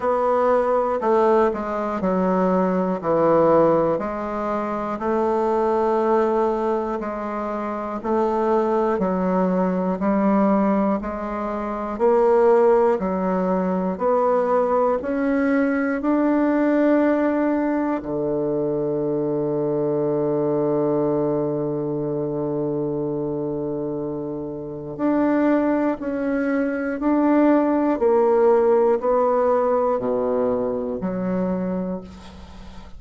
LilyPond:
\new Staff \with { instrumentName = "bassoon" } { \time 4/4 \tempo 4 = 60 b4 a8 gis8 fis4 e4 | gis4 a2 gis4 | a4 fis4 g4 gis4 | ais4 fis4 b4 cis'4 |
d'2 d2~ | d1~ | d4 d'4 cis'4 d'4 | ais4 b4 b,4 fis4 | }